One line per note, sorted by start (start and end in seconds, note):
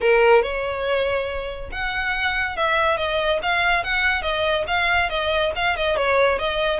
0.00 0.42 A#4
0.42 1.70 C#5
1.71 2.56 F#5
2.56 2.97 E5
2.97 3.39 D#5
3.42 3.83 F5
3.83 4.22 F#5
4.22 4.64 D#5
4.67 5.09 F5
5.09 5.52 D#5
5.55 5.76 F5
5.76 5.96 D#5
5.96 6.38 C#5
6.38 6.79 D#5